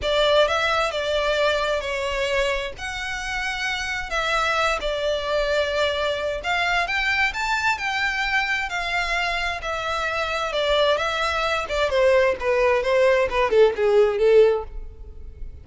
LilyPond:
\new Staff \with { instrumentName = "violin" } { \time 4/4 \tempo 4 = 131 d''4 e''4 d''2 | cis''2 fis''2~ | fis''4 e''4. d''4.~ | d''2 f''4 g''4 |
a''4 g''2 f''4~ | f''4 e''2 d''4 | e''4. d''8 c''4 b'4 | c''4 b'8 a'8 gis'4 a'4 | }